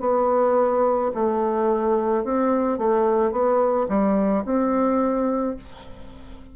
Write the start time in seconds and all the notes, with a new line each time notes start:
0.00 B3
1.15 A3
2.24 C4
2.78 A3
3.31 B3
3.88 G3
4.45 C4